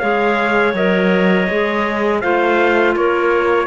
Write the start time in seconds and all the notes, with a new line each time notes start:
0.00 G#3 G#4 C#5 F5
0.74 F#3 A#4 D#5
1.50 G#3 G#4
2.21 A3 F4 C5 F5
2.96 A#3 A#4 C#5